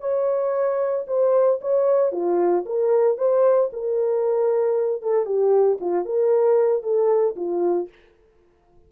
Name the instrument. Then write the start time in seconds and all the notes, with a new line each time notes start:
horn
0.00 C#5
1.07 C5
1.61 C#5
2.12 F4
2.66 A#4
3.18 C5
3.73 A#4
5.02 A4
5.26 G4
5.80 F4
6.05 A#4
6.83 A4
7.36 F4